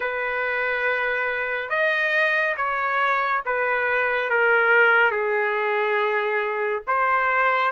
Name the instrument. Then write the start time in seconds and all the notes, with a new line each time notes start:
trumpet
0.00 B4
1.69 D#5
2.56 C#5
3.45 B4
4.30 A#4
5.11 G#4
6.86 C5